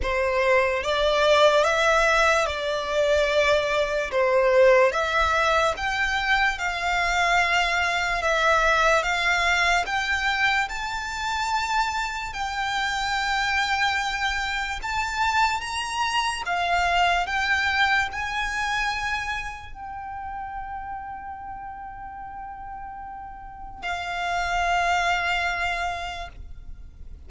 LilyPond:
\new Staff \with { instrumentName = "violin" } { \time 4/4 \tempo 4 = 73 c''4 d''4 e''4 d''4~ | d''4 c''4 e''4 g''4 | f''2 e''4 f''4 | g''4 a''2 g''4~ |
g''2 a''4 ais''4 | f''4 g''4 gis''2 | g''1~ | g''4 f''2. | }